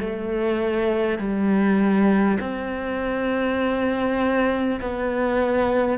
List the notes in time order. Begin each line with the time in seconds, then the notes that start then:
0.00 A3
1.18 G3
2.39 C4
4.81 B3